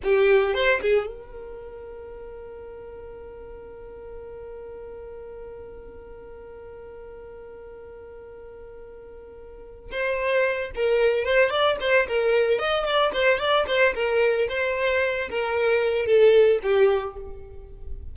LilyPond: \new Staff \with { instrumentName = "violin" } { \time 4/4 \tempo 4 = 112 g'4 c''8 gis'8 ais'2~ | ais'1~ | ais'1~ | ais'1~ |
ais'2~ ais'8 c''4. | ais'4 c''8 d''8 c''8 ais'4 dis''8 | d''8 c''8 d''8 c''8 ais'4 c''4~ | c''8 ais'4. a'4 g'4 | }